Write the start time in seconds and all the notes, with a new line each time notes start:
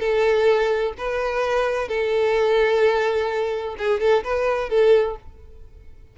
0.00 A4
0.98 B4
1.89 A4
3.78 G#4
4.00 A4
4.24 B4
4.70 A4